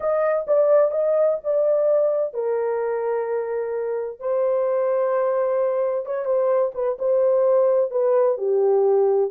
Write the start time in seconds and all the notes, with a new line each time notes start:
0.00 D#5
0.47 D5
0.91 D#5
1.43 D5
2.33 A#4
4.19 C5
6.05 C#5
6.25 C5
6.74 B4
6.99 C5
7.91 B4
8.37 G4